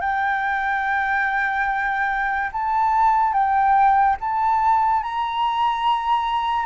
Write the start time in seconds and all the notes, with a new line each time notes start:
0.00 G5
2.52 A5
3.33 G5
4.20 A5
5.03 A#5